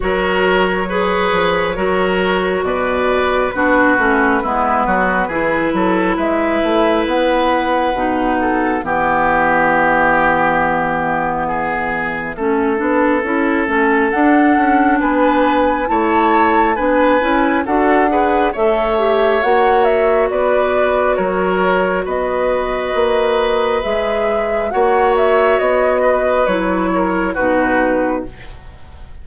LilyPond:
<<
  \new Staff \with { instrumentName = "flute" } { \time 4/4 \tempo 4 = 68 cis''2. d''4 | b'2. e''4 | fis''2 e''2~ | e''1 |
fis''4 gis''4 a''4 gis''4 | fis''4 e''4 fis''8 e''8 d''4 | cis''4 dis''2 e''4 | fis''8 e''8 dis''4 cis''4 b'4 | }
  \new Staff \with { instrumentName = "oboe" } { \time 4/4 ais'4 b'4 ais'4 b'4 | fis'4 e'8 fis'8 gis'8 a'8 b'4~ | b'4. a'8 g'2~ | g'4 gis'4 a'2~ |
a'4 b'4 cis''4 b'4 | a'8 b'8 cis''2 b'4 | ais'4 b'2. | cis''4. b'4 ais'8 fis'4 | }
  \new Staff \with { instrumentName = "clarinet" } { \time 4/4 fis'4 gis'4 fis'2 | d'8 cis'8 b4 e'2~ | e'4 dis'4 b2~ | b2 cis'8 d'8 e'8 cis'8 |
d'2 e'4 d'8 e'8 | fis'8 gis'8 a'8 g'8 fis'2~ | fis'2. gis'4 | fis'2 e'4 dis'4 | }
  \new Staff \with { instrumentName = "bassoon" } { \time 4/4 fis4. f8 fis4 b,4 | b8 a8 gis8 fis8 e8 fis8 gis8 a8 | b4 b,4 e2~ | e2 a8 b8 cis'8 a8 |
d'8 cis'8 b4 a4 b8 cis'8 | d'4 a4 ais4 b4 | fis4 b4 ais4 gis4 | ais4 b4 fis4 b,4 | }
>>